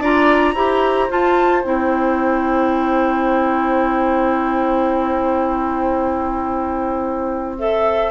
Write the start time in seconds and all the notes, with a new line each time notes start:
0.00 D4 F4 D5 A#5
0.54 E4 G4 C5
1.09 F4 A5
1.63 C4 E4 G5
7.58 A4 E5